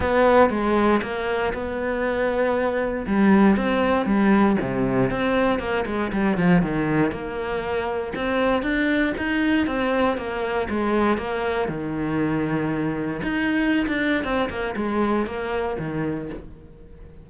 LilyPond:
\new Staff \with { instrumentName = "cello" } { \time 4/4 \tempo 4 = 118 b4 gis4 ais4 b4~ | b2 g4 c'4 | g4 c4 c'4 ais8 gis8 | g8 f8 dis4 ais2 |
c'4 d'4 dis'4 c'4 | ais4 gis4 ais4 dis4~ | dis2 dis'4~ dis'16 d'8. | c'8 ais8 gis4 ais4 dis4 | }